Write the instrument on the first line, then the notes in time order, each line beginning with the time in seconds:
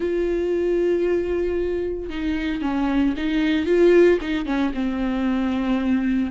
viola
0.00 F4
2.09 D#4
2.61 C#4
3.17 D#4
3.66 F4
4.21 D#4
4.45 C#4
4.74 C4